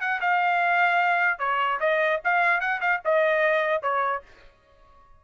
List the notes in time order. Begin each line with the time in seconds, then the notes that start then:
0.00 F#5
0.20 F5
1.39 C#5
1.80 D#5
2.24 F5
2.60 F#5
2.80 F5
3.05 D#5
3.82 C#5